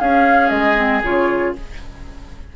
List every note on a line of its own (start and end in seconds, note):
0.00 0.50 C#4
0.00 0.76 C#4
0.00 1.56 G#4
0.00 0.50 F5
0.50 1.02 G#3
0.50 1.01 D#5
0.76 1.01 C4
1.03 1.54 C#3
1.03 1.55 F4
1.03 1.55 C#5